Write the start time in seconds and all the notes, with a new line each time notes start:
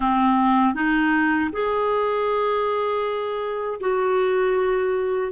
0.00 C4
0.74 D#4
1.52 G#4
3.80 F#4